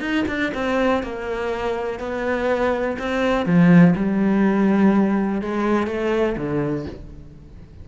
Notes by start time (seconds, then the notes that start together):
0.00 D#4
0.27 D4
0.54 C4
1.03 A#3
1.99 B3
2.98 C4
3.45 F3
3.96 G3
5.41 G#3
5.87 A3
6.37 D3